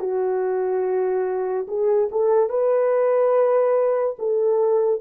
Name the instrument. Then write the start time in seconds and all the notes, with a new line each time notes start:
horn
0.00 F#4
1.68 G#4
2.12 A4
2.50 B4
4.19 A4